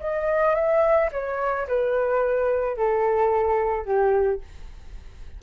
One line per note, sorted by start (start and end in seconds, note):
0.00 0.55 D#5
0.55 1.10 E5
1.13 1.68 C#5
1.68 2.77 B4
2.77 3.86 A4
3.86 4.41 G4